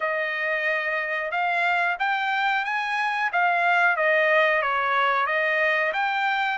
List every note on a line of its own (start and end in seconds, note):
0.00 1.31 D#5
1.31 1.97 F5
1.99 2.64 G5
2.64 3.30 G#5
3.32 3.96 F5
3.96 4.62 D#5
4.62 5.26 C#5
5.26 5.92 D#5
5.93 6.58 G5